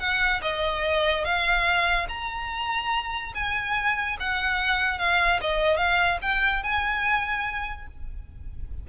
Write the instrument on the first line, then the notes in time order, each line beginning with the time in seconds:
violin
0.00 F#5
0.42 D#5
1.25 F5
2.09 A#5
3.35 G#5
4.20 F#5
4.99 F5
5.42 D#5
5.77 F5
6.22 G5
6.63 G#5